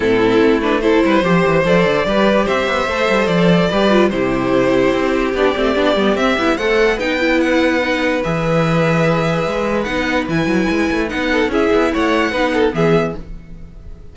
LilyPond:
<<
  \new Staff \with { instrumentName = "violin" } { \time 4/4 \tempo 4 = 146 a'4. b'8 c''2 | d''2 e''2 | d''2 c''2~ | c''4 d''2 e''4 |
fis''4 g''4 fis''2 | e''1 | fis''4 gis''2 fis''4 | e''4 fis''2 e''4 | }
  \new Staff \with { instrumentName = "violin" } { \time 4/4 e'2 a'8 b'8 c''4~ | c''4 b'4 c''2~ | c''4 b'4 g'2~ | g'1 |
c''4 b'2.~ | b'1~ | b'2.~ b'8 a'8 | gis'4 cis''4 b'8 a'8 gis'4 | }
  \new Staff \with { instrumentName = "viola" } { \time 4/4 c'4. d'8 e'4 g'4 | a'4 g'2 a'4~ | a'4 g'8 f'8 e'2~ | e'4 d'8 c'8 d'8 b8 c'8 e'8 |
a'4 dis'8 e'4. dis'4 | gis'1 | dis'4 e'2 dis'4 | e'2 dis'4 b4 | }
  \new Staff \with { instrumentName = "cello" } { \time 4/4 a,4 a4. g8 f8 e8 | f8 d8 g4 c'8 b8 a8 g8 | f4 g4 c2 | c'4 b8 a8 b8 g8 c'8 b8 |
a4 b2. | e2. gis4 | b4 e8 fis8 gis8 a8 b4 | cis'8 b8 a4 b4 e4 | }
>>